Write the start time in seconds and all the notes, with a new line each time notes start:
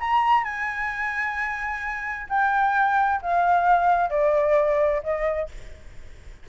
0.00 A#5
0.44 G#5
2.29 G5
3.22 F5
4.10 D5
5.03 D#5